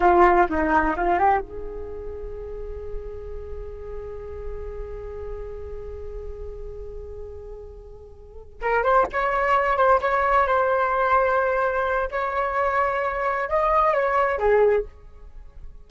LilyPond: \new Staff \with { instrumentName = "flute" } { \time 4/4 \tempo 4 = 129 f'4 dis'4 f'8 g'8 gis'4~ | gis'1~ | gis'1~ | gis'1~ |
gis'2~ gis'8 ais'8 c''8 cis''8~ | cis''4 c''8 cis''4 c''4.~ | c''2 cis''2~ | cis''4 dis''4 cis''4 gis'4 | }